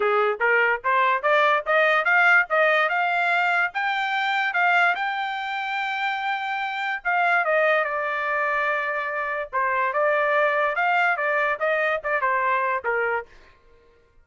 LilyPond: \new Staff \with { instrumentName = "trumpet" } { \time 4/4 \tempo 4 = 145 gis'4 ais'4 c''4 d''4 | dis''4 f''4 dis''4 f''4~ | f''4 g''2 f''4 | g''1~ |
g''4 f''4 dis''4 d''4~ | d''2. c''4 | d''2 f''4 d''4 | dis''4 d''8 c''4. ais'4 | }